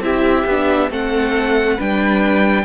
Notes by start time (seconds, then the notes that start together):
0.00 C4 E4 G4 E5
0.46 B3 D4
0.90 A3 C4 A4 F#5
1.76 G3 D4 B4 G5